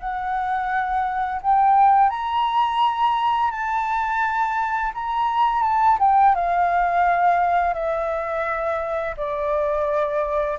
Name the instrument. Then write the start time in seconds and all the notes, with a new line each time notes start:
flute
0.00 F#5
1.42 G5
2.10 A#5
3.51 A5
4.94 A#5
5.63 A5
6.00 G5
6.35 F5
7.74 E5
9.17 D5